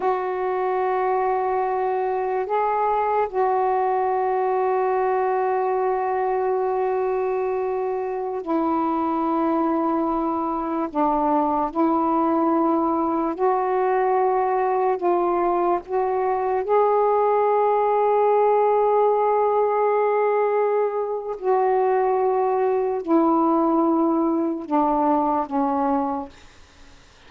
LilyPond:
\new Staff \with { instrumentName = "saxophone" } { \time 4/4 \tempo 4 = 73 fis'2. gis'4 | fis'1~ | fis'2~ fis'16 e'4.~ e'16~ | e'4~ e'16 d'4 e'4.~ e'16~ |
e'16 fis'2 f'4 fis'8.~ | fis'16 gis'2.~ gis'8.~ | gis'2 fis'2 | e'2 d'4 cis'4 | }